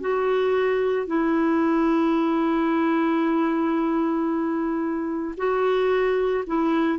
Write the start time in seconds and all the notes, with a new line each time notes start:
0.00 F#4
1.06 E4
5.37 F#4
6.46 E4